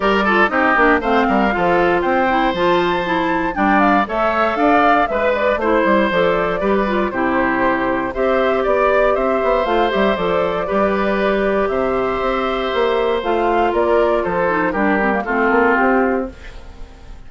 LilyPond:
<<
  \new Staff \with { instrumentName = "flute" } { \time 4/4 \tempo 4 = 118 d''4 dis''4 f''2 | g''4 a''2 g''8 f''8 | e''4 f''4 e''8 d''8 c''4 | d''2 c''2 |
e''4 d''4 e''4 f''8 e''8 | d''2. e''4~ | e''2 f''4 d''4 | c''4 ais'4 a'4 g'4 | }
  \new Staff \with { instrumentName = "oboe" } { \time 4/4 ais'8 a'8 g'4 c''8 ais'8 a'4 | c''2. d''4 | cis''4 d''4 b'4 c''4~ | c''4 b'4 g'2 |
c''4 d''4 c''2~ | c''4 b'2 c''4~ | c''2. ais'4 | a'4 g'4 f'2 | }
  \new Staff \with { instrumentName = "clarinet" } { \time 4/4 g'8 f'8 dis'8 d'8 c'4 f'4~ | f'8 e'8 f'4 e'4 d'4 | a'2 b'4 e'4 | a'4 g'8 f'8 e'2 |
g'2. f'8 g'8 | a'4 g'2.~ | g'2 f'2~ | f'8 dis'8 d'8 c'16 ais16 c'2 | }
  \new Staff \with { instrumentName = "bassoon" } { \time 4/4 g4 c'8 ais8 a8 g8 f4 | c'4 f2 g4 | a4 d'4 gis4 a8 g8 | f4 g4 c2 |
c'4 b4 c'8 b8 a8 g8 | f4 g2 c4 | c'4 ais4 a4 ais4 | f4 g4 a8 ais8 c'4 | }
>>